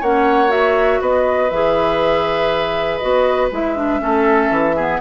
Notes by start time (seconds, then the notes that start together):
0.00 A#3 C#4 C#5 F#5
0.48 F#4 E5
1.01 B3 B4 D#5
1.49 E3 G#4 E5
2.98 B3 F#4 D#5
3.51 G#3 E4 E5
3.76 D4
3.99 A3 C#4 A4
4.50 E3
4.76 B3 G#4